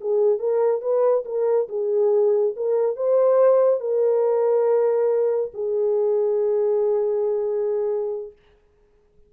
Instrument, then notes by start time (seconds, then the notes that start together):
horn
0.00 G#4
0.39 A#4
0.81 B4
1.25 A#4
1.68 G#4
2.56 A#4
2.96 C5
3.80 A#4
5.53 G#4